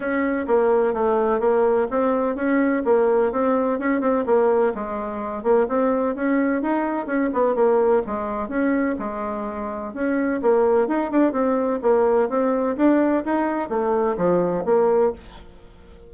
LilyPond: \new Staff \with { instrumentName = "bassoon" } { \time 4/4 \tempo 4 = 127 cis'4 ais4 a4 ais4 | c'4 cis'4 ais4 c'4 | cis'8 c'8 ais4 gis4. ais8 | c'4 cis'4 dis'4 cis'8 b8 |
ais4 gis4 cis'4 gis4~ | gis4 cis'4 ais4 dis'8 d'8 | c'4 ais4 c'4 d'4 | dis'4 a4 f4 ais4 | }